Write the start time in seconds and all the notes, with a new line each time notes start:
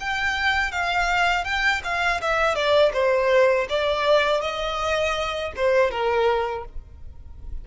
0.00 G5
0.72 F5
1.44 G5
1.84 F5
2.21 E5
2.55 D5
2.93 C5
3.69 D5
4.41 D#5
5.56 C5
5.91 A#4